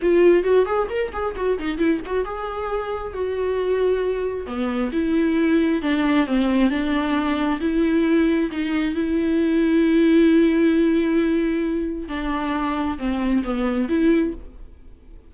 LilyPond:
\new Staff \with { instrumentName = "viola" } { \time 4/4 \tempo 4 = 134 f'4 fis'8 gis'8 ais'8 gis'8 fis'8 dis'8 | e'8 fis'8 gis'2 fis'4~ | fis'2 b4 e'4~ | e'4 d'4 c'4 d'4~ |
d'4 e'2 dis'4 | e'1~ | e'2. d'4~ | d'4 c'4 b4 e'4 | }